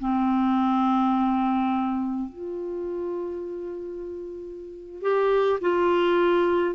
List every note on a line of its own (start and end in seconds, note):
0.00 2.30 C4
2.30 5.02 F4
5.02 5.60 G4
5.61 6.75 F4